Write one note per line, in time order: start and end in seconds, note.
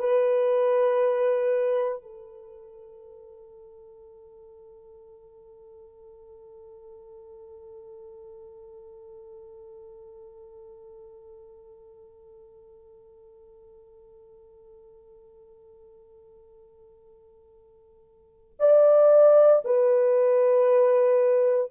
0.00 2.03 B4
2.03 18.58 A4
18.60 19.63 D5
19.65 21.71 B4